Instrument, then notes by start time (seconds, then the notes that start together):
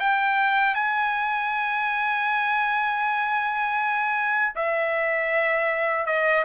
trumpet
0.00 G5
0.75 G#5
4.56 E5
6.07 D#5